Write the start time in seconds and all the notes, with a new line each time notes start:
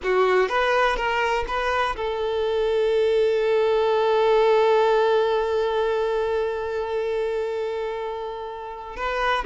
0.03 F#4
0.48 B4
0.96 A#4
1.47 B4
1.96 A4
8.96 B4